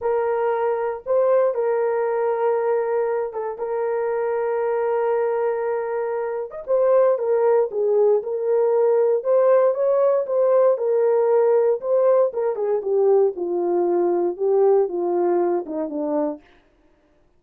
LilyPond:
\new Staff \with { instrumentName = "horn" } { \time 4/4 \tempo 4 = 117 ais'2 c''4 ais'4~ | ais'2~ ais'8 a'8 ais'4~ | ais'1~ | ais'8. dis''16 c''4 ais'4 gis'4 |
ais'2 c''4 cis''4 | c''4 ais'2 c''4 | ais'8 gis'8 g'4 f'2 | g'4 f'4. dis'8 d'4 | }